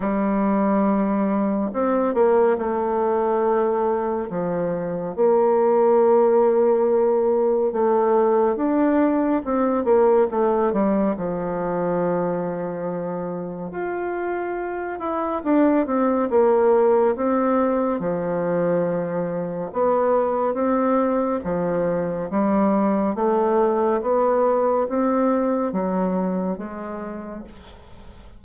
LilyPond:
\new Staff \with { instrumentName = "bassoon" } { \time 4/4 \tempo 4 = 70 g2 c'8 ais8 a4~ | a4 f4 ais2~ | ais4 a4 d'4 c'8 ais8 | a8 g8 f2. |
f'4. e'8 d'8 c'8 ais4 | c'4 f2 b4 | c'4 f4 g4 a4 | b4 c'4 fis4 gis4 | }